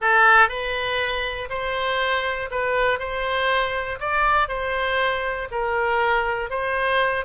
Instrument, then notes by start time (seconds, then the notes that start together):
oboe
0.01 A4
0.49 B4
1.49 C5
2.50 B4
2.99 C5
3.99 D5
4.48 C5
5.51 A#4
6.50 C5